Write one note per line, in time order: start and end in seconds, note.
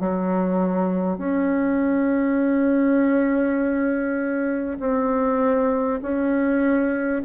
0.00 1.18 F#3
1.18 4.78 C#4
4.80 6.00 C4
6.02 7.22 C#4